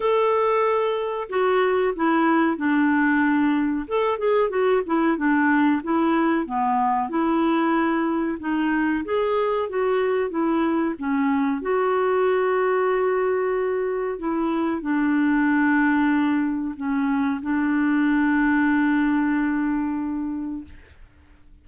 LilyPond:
\new Staff \with { instrumentName = "clarinet" } { \time 4/4 \tempo 4 = 93 a'2 fis'4 e'4 | d'2 a'8 gis'8 fis'8 e'8 | d'4 e'4 b4 e'4~ | e'4 dis'4 gis'4 fis'4 |
e'4 cis'4 fis'2~ | fis'2 e'4 d'4~ | d'2 cis'4 d'4~ | d'1 | }